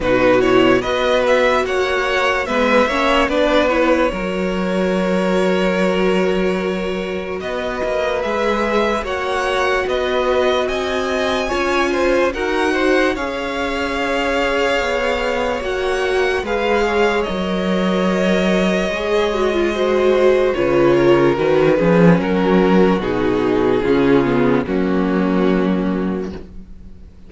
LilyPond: <<
  \new Staff \with { instrumentName = "violin" } { \time 4/4 \tempo 4 = 73 b'8 cis''8 dis''8 e''8 fis''4 e''4 | d''8 cis''2.~ cis''8~ | cis''4 dis''4 e''4 fis''4 | dis''4 gis''2 fis''4 |
f''2. fis''4 | f''4 dis''2.~ | dis''4 cis''4 b'4 ais'4 | gis'2 fis'2 | }
  \new Staff \with { instrumentName = "violin" } { \time 4/4 fis'4 b'4 cis''4 b'8 cis''8 | b'4 ais'2.~ | ais'4 b'2 cis''4 | b'4 dis''4 cis''8 c''8 ais'8 c''8 |
cis''1 | b'8 cis''2.~ cis''8 | c''4 b'8 ais'4 gis'8 fis'4~ | fis'4 f'4 cis'2 | }
  \new Staff \with { instrumentName = "viola" } { \time 4/4 dis'8 e'8 fis'2 b8 cis'8 | d'8 e'8 fis'2.~ | fis'2 gis'4 fis'4~ | fis'2 f'4 fis'4 |
gis'2. fis'4 | gis'4 ais'2 gis'8 fis'16 f'16 | fis'4 f'4 fis'8 cis'4. | dis'4 cis'8 b8 ais2 | }
  \new Staff \with { instrumentName = "cello" } { \time 4/4 b,4 b4 ais4 gis8 ais8 | b4 fis2.~ | fis4 b8 ais8 gis4 ais4 | b4 c'4 cis'4 dis'4 |
cis'2 b4 ais4 | gis4 fis2 gis4~ | gis4 cis4 dis8 f8 fis4 | b,4 cis4 fis2 | }
>>